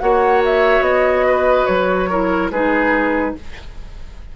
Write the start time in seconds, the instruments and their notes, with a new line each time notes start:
0.00 bassoon A#3, clarinet F#4, oboe C#5, flute F#5
0.45 flute E5
0.81 bassoon B3, flute D#5
1.26 oboe B4
1.66 bassoon F#3, flute C#5
2.10 clarinet E4, oboe A#4
2.51 bassoon G#3, clarinet D#4, oboe G#4, flute B4